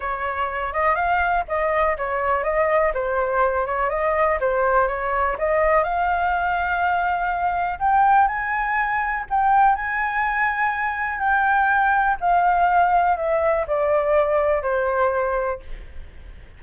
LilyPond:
\new Staff \with { instrumentName = "flute" } { \time 4/4 \tempo 4 = 123 cis''4. dis''8 f''4 dis''4 | cis''4 dis''4 c''4. cis''8 | dis''4 c''4 cis''4 dis''4 | f''1 |
g''4 gis''2 g''4 | gis''2. g''4~ | g''4 f''2 e''4 | d''2 c''2 | }